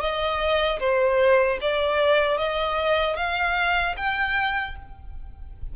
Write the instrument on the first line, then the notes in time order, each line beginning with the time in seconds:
violin
0.00 D#5
0.79 C5
1.61 D5
2.38 D#5
3.16 F5
3.97 G5